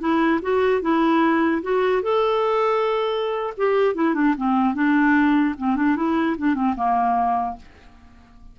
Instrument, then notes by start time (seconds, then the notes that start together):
clarinet
0.00 E4
0.42 F#4
0.82 E4
1.63 F#4
2.02 A4
3.57 G4
3.95 E4
4.15 D4
4.37 C4
4.74 D4
5.58 C4
5.76 D4
5.96 E4
6.38 D4
6.55 C4
6.76 A#3